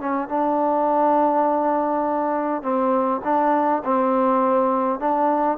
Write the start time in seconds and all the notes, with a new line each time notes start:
0.00 C#4
0.28 D4
2.62 C4
3.24 D4
3.84 C4
4.99 D4